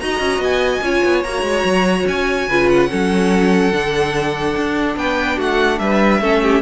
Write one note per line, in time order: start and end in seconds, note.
0.00 0.20 D#4
0.00 0.83 F#4
0.00 0.85 D#5
0.00 0.41 A#5
0.20 0.39 C#4
0.39 0.80 B3
0.39 1.24 G#5
0.82 1.02 C#4
0.82 1.25 F4
0.82 2.49 C#5
1.05 1.26 B3
1.24 1.43 A#3
1.24 2.50 F#4
1.24 2.06 A#5
1.43 1.64 G#3
1.65 2.06 F#3
2.07 2.49 C#4
2.07 2.70 G#5
2.49 2.91 C#3
2.49 2.89 F4
2.49 2.90 B4
2.70 4.97 F#5
2.89 3.73 F#3
2.89 3.72 C#4
2.89 4.97 A4
3.73 4.56 D3
3.73 6.22 D4
4.57 4.97 D4
4.97 5.38 B3
4.97 5.38 B4
4.97 5.39 G5
5.38 5.80 A3
5.38 5.79 F#4
5.38 5.79 F#5
5.79 6.22 G3
5.79 6.22 B4
5.79 6.62 E5
6.22 6.62 A3
6.22 6.62 C#4
6.22 6.42 A4
6.43 6.62 G4